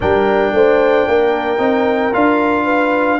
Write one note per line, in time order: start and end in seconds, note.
0.00 0.52 G3
0.00 1.58 D4
0.00 0.54 A#4
0.00 2.13 G5
0.52 1.06 A3
0.52 1.08 C5
1.07 1.58 A#3
1.07 2.64 A#4
1.58 2.12 C4
1.58 2.11 D#4
2.12 3.20 D4
2.12 3.19 F4
2.12 3.20 F5
2.64 3.17 B4